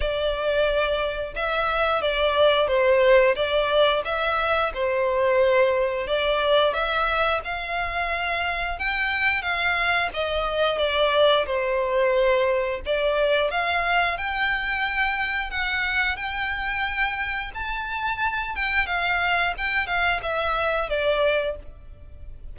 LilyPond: \new Staff \with { instrumentName = "violin" } { \time 4/4 \tempo 4 = 89 d''2 e''4 d''4 | c''4 d''4 e''4 c''4~ | c''4 d''4 e''4 f''4~ | f''4 g''4 f''4 dis''4 |
d''4 c''2 d''4 | f''4 g''2 fis''4 | g''2 a''4. g''8 | f''4 g''8 f''8 e''4 d''4 | }